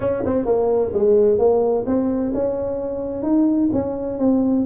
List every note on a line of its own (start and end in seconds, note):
0.00 0.23 C#4
0.25 0.45 C4
0.45 0.92 A#3
0.93 1.38 G#3
1.38 1.85 A#3
1.86 2.32 C4
2.34 3.23 C#4
3.23 3.69 D#4
3.73 4.19 C#4
4.19 4.65 C4